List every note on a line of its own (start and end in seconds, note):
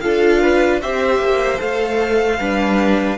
0.00 0.83 D4
0.00 0.81 F4
0.00 0.41 A4
0.00 0.79 F5
0.41 0.81 B4
0.81 1.19 C4
0.81 1.57 G4
0.81 2.39 C5
0.81 1.61 E5
1.19 1.59 A#3
1.57 2.38 A3
1.57 2.36 A4
1.57 3.17 F5
2.38 3.17 G3
2.38 3.17 D4
2.38 3.17 B4